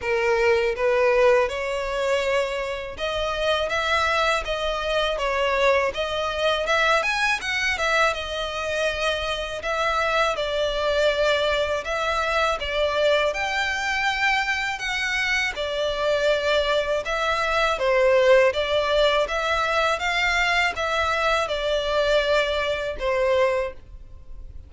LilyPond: \new Staff \with { instrumentName = "violin" } { \time 4/4 \tempo 4 = 81 ais'4 b'4 cis''2 | dis''4 e''4 dis''4 cis''4 | dis''4 e''8 gis''8 fis''8 e''8 dis''4~ | dis''4 e''4 d''2 |
e''4 d''4 g''2 | fis''4 d''2 e''4 | c''4 d''4 e''4 f''4 | e''4 d''2 c''4 | }